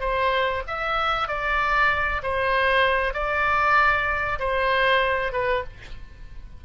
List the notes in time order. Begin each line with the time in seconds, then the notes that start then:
0.00 C5
0.67 E5
1.28 D5
2.23 C5
3.14 D5
4.39 C5
5.33 B4